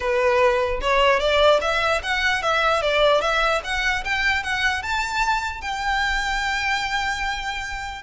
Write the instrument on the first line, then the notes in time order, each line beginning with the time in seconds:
violin
0.00 B4
0.81 C#5
1.19 D5
1.61 E5
2.03 F#5
2.42 E5
2.82 D5
3.21 E5
3.64 F#5
4.04 G5
4.43 F#5
4.82 A5
5.61 G5